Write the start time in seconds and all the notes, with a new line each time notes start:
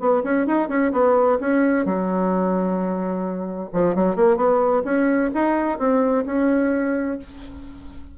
0.00 B3
0.24 C#4
0.47 D#4
0.69 C#4
0.93 B3
1.40 C#4
1.86 F#3
3.73 F3
3.95 F#3
4.16 A#3
4.37 B3
4.85 C#4
5.35 D#4
5.79 C4
6.26 C#4